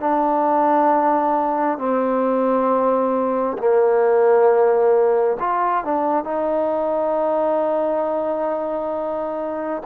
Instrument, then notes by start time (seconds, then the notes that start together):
trombone
0.00 D4
1.78 C4
3.58 A#3
5.40 F4
5.85 D4
6.24 D#4